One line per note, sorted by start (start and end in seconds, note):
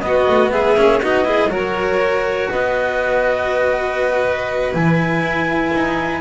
0.00 0.27 B3
0.00 0.76 B3
0.00 0.52 F#4
0.00 0.50 D#5
0.27 0.52 A3
0.51 0.76 G#3
0.51 1.01 G#4
0.51 1.00 E5
0.76 1.01 A#3
0.76 1.01 C#4
1.01 1.48 B3
1.01 1.25 D#4
1.01 1.26 F#4
1.01 1.51 D#5
1.25 1.49 E4
1.25 1.51 G#4
1.48 2.47 F#3
1.48 4.72 F#4
1.48 2.50 A#4
1.48 2.50 C#5
2.51 4.74 B3
2.51 6.21 B4
2.51 4.74 D#5
4.73 5.21 E3
4.73 6.21 E4
4.73 6.21 G#5
5.21 5.71 E4
5.74 6.21 D#4